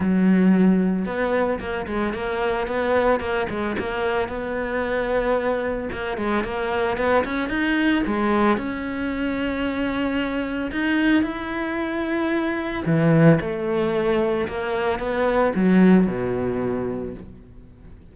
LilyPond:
\new Staff \with { instrumentName = "cello" } { \time 4/4 \tempo 4 = 112 fis2 b4 ais8 gis8 | ais4 b4 ais8 gis8 ais4 | b2. ais8 gis8 | ais4 b8 cis'8 dis'4 gis4 |
cis'1 | dis'4 e'2. | e4 a2 ais4 | b4 fis4 b,2 | }